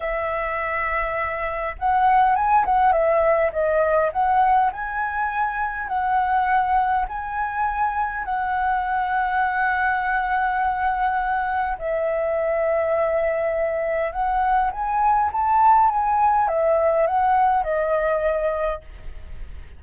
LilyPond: \new Staff \with { instrumentName = "flute" } { \time 4/4 \tempo 4 = 102 e''2. fis''4 | gis''8 fis''8 e''4 dis''4 fis''4 | gis''2 fis''2 | gis''2 fis''2~ |
fis''1 | e''1 | fis''4 gis''4 a''4 gis''4 | e''4 fis''4 dis''2 | }